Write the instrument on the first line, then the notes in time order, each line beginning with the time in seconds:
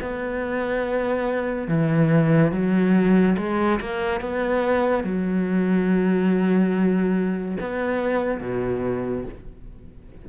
cello
0.00 B3
1.67 E3
2.51 F#3
3.37 G#3
3.80 A#3
4.20 B3
5.04 F#3
7.60 B3
8.40 B2